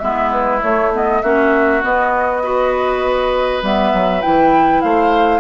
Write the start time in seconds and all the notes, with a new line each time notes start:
0.00 G#3 B3 E4 E5
0.32 B4
0.62 A3 C#5
0.93 B3 D#5
1.22 A#3 C#4 F#4 E5
1.82 B3 D#5
2.43 F#4 B4
3.62 G3 B3 E5
3.93 F#3
4.22 E3 E4 G5
4.81 A3 C5 F5